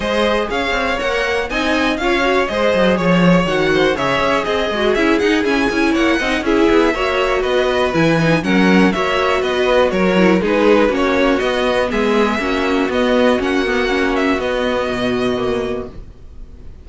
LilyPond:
<<
  \new Staff \with { instrumentName = "violin" } { \time 4/4 \tempo 4 = 121 dis''4 f''4 fis''4 gis''4 | f''4 dis''4 cis''4 fis''4 | e''4 dis''4 e''8 fis''8 gis''4 | fis''4 e''2 dis''4 |
gis''4 fis''4 e''4 dis''4 | cis''4 b'4 cis''4 dis''4 | e''2 dis''4 fis''4~ | fis''8 e''8 dis''2. | }
  \new Staff \with { instrumentName = "violin" } { \time 4/4 c''4 cis''2 dis''4 | cis''4 c''4 cis''4. c''8 | cis''4 gis'2. | cis''8 dis''8 gis'4 cis''4 b'4~ |
b'4 ais'4 cis''4 b'4 | ais'4 gis'4 fis'2 | gis'4 fis'2.~ | fis'1 | }
  \new Staff \with { instrumentName = "viola" } { \time 4/4 gis'2 ais'4 dis'4 | f'8 fis'8 gis'2 fis'4 | gis'4. fis'8 e'8 dis'8 cis'8 e'8~ | e'8 dis'8 e'4 fis'2 |
e'8 dis'8 cis'4 fis'2~ | fis'8 e'8 dis'4 cis'4 b4~ | b4 cis'4 b4 cis'8 b8 | cis'4 b2 ais4 | }
  \new Staff \with { instrumentName = "cello" } { \time 4/4 gis4 cis'8 c'8 ais4 c'4 | cis'4 gis8 fis8 f4 dis4 | cis8 cis'8 c'8 gis8 cis'8 dis'8 e'8 cis'8 | ais8 c'8 cis'8 b8 ais4 b4 |
e4 fis4 ais4 b4 | fis4 gis4 ais4 b4 | gis4 ais4 b4 ais4~ | ais4 b4 b,2 | }
>>